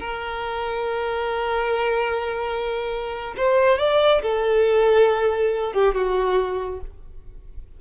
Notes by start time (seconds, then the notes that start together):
0.00 A#4
3.37 C5
3.79 D5
4.22 A4
5.73 G4
5.95 F#4